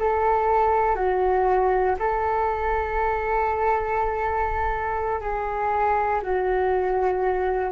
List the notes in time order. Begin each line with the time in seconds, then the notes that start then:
0.00 A4
0.95 F#4
1.99 A4
5.21 G#4
6.23 F#4